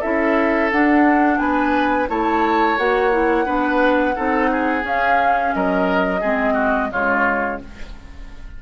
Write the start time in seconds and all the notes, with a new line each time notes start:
0.00 C#4 E4 A4 E5
0.72 D4 F#5
1.39 B3 B4 G#5
2.09 A3 E4 C#5 A5
2.78 A#3 F#4 F#5
3.12 E4
3.46 B3 D4 B4
4.16 C4 D#4 A4
4.52 G#4
4.82 C#4 F5
5.54 F#3 A#4 D#5
6.21 G#3 C4 G#4
6.54 F#4
6.92 C#3 G#3 F4 C#5